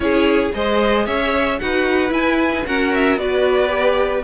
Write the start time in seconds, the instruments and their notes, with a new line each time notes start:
0.00 cello C#4, viola E4, violin G#4 C#5
0.54 cello G#3, viola G#4, violin C5 D#5
1.05 cello C#4, violin C#5 E5
1.59 cello D#4, viola F#4, violin B4 F#5
2.09 viola E4, cello E4, violin G#5
2.52 viola D#4
2.66 viola C#4, cello F#4, violin A#4 F#5
2.94 violin E5
3.16 cello B3, viola F#4, violin B4 D5
3.68 viola G4